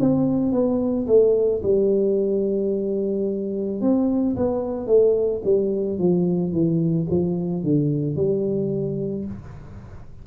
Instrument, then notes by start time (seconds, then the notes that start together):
tuba
0.00 C4
0.52 B3
1.07 A3
1.63 G3
3.81 C4
4.36 B3
4.87 A3
5.44 G3
5.99 F3
6.52 E3
7.10 F3
7.63 D3
8.16 G3